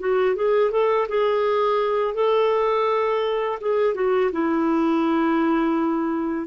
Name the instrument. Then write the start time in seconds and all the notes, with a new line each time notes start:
clarinet
0.00 F#4
0.36 G#4
0.72 A4
1.09 G#4
2.15 A4
3.61 G#4
3.95 F#4
4.32 E4